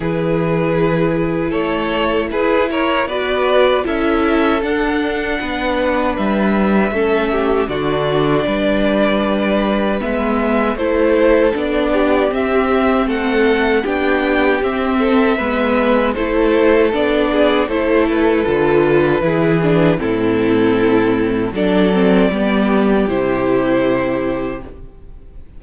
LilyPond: <<
  \new Staff \with { instrumentName = "violin" } { \time 4/4 \tempo 4 = 78 b'2 cis''4 b'8 cis''8 | d''4 e''4 fis''2 | e''2 d''2~ | d''4 e''4 c''4 d''4 |
e''4 fis''4 g''4 e''4~ | e''4 c''4 d''4 c''8 b'8~ | b'2 a'2 | d''2 c''2 | }
  \new Staff \with { instrumentName = "violin" } { \time 4/4 gis'2 a'4 gis'8 ais'8 | b'4 a'2 b'4~ | b'4 a'8 g'8 fis'4 b'4~ | b'2 a'4. g'8~ |
g'4 a'4 g'4. a'8 | b'4 a'4. gis'8 a'4~ | a'4 gis'4 e'2 | a'4 g'2. | }
  \new Staff \with { instrumentName = "viola" } { \time 4/4 e'1 | fis'4 e'4 d'2~ | d'4 cis'4 d'2~ | d'4 b4 e'4 d'4 |
c'2 d'4 c'4 | b4 e'4 d'4 e'4 | f'4 e'8 d'8 c'2 | d'8 c'8 b4 e'2 | }
  \new Staff \with { instrumentName = "cello" } { \time 4/4 e2 a4 e'4 | b4 cis'4 d'4 b4 | g4 a4 d4 g4~ | g4 gis4 a4 b4 |
c'4 a4 b4 c'4 | gis4 a4 b4 a4 | d4 e4 a,2 | fis4 g4 c2 | }
>>